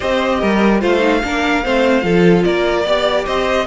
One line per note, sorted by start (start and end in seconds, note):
0.00 0.42 C4
0.00 0.80 G4
0.00 0.38 C5
0.00 0.82 D#5
0.40 0.82 G3
0.40 0.80 A#4
0.80 1.23 A3
0.80 0.99 F4
0.80 1.21 C5
0.80 2.43 F5
0.99 1.19 D#4
1.23 1.64 A#3
1.23 1.64 D4
1.23 1.64 A#4
1.64 2.03 A3
1.64 2.01 C4
1.64 2.04 C5
2.01 2.44 F3
2.01 2.83 F4
2.01 2.45 A4
2.43 2.84 A#3
2.43 2.85 A#4
2.43 3.25 D5
2.84 3.25 B3
2.84 3.66 G4
2.84 3.25 D5
3.25 3.66 C4
3.25 3.66 C5
3.25 3.66 D#5